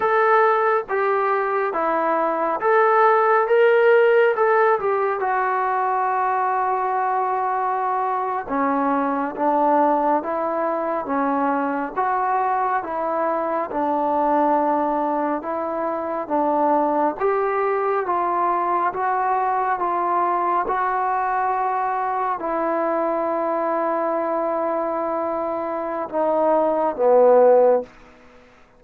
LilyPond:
\new Staff \with { instrumentName = "trombone" } { \time 4/4 \tempo 4 = 69 a'4 g'4 e'4 a'4 | ais'4 a'8 g'8 fis'2~ | fis'4.~ fis'16 cis'4 d'4 e'16~ | e'8. cis'4 fis'4 e'4 d'16~ |
d'4.~ d'16 e'4 d'4 g'16~ | g'8. f'4 fis'4 f'4 fis'16~ | fis'4.~ fis'16 e'2~ e'16~ | e'2 dis'4 b4 | }